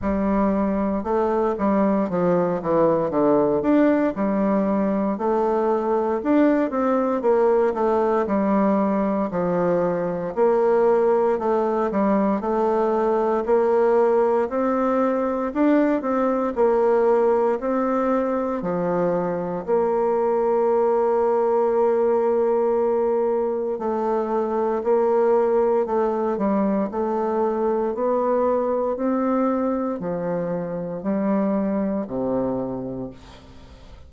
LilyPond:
\new Staff \with { instrumentName = "bassoon" } { \time 4/4 \tempo 4 = 58 g4 a8 g8 f8 e8 d8 d'8 | g4 a4 d'8 c'8 ais8 a8 | g4 f4 ais4 a8 g8 | a4 ais4 c'4 d'8 c'8 |
ais4 c'4 f4 ais4~ | ais2. a4 | ais4 a8 g8 a4 b4 | c'4 f4 g4 c4 | }